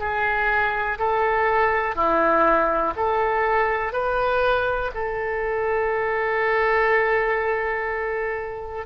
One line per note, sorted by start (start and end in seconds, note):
0.00 0.98 G#4
0.98 1.95 A4
1.95 2.94 E4
2.96 3.93 A4
3.93 4.91 B4
4.94 8.86 A4